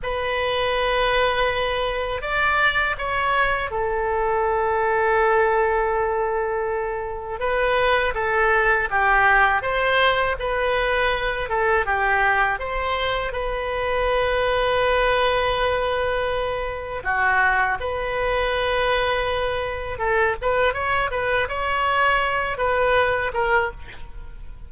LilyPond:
\new Staff \with { instrumentName = "oboe" } { \time 4/4 \tempo 4 = 81 b'2. d''4 | cis''4 a'2.~ | a'2 b'4 a'4 | g'4 c''4 b'4. a'8 |
g'4 c''4 b'2~ | b'2. fis'4 | b'2. a'8 b'8 | cis''8 b'8 cis''4. b'4 ais'8 | }